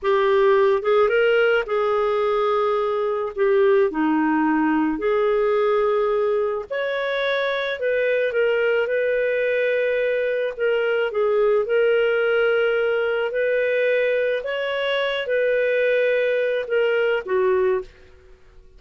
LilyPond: \new Staff \with { instrumentName = "clarinet" } { \time 4/4 \tempo 4 = 108 g'4. gis'8 ais'4 gis'4~ | gis'2 g'4 dis'4~ | dis'4 gis'2. | cis''2 b'4 ais'4 |
b'2. ais'4 | gis'4 ais'2. | b'2 cis''4. b'8~ | b'2 ais'4 fis'4 | }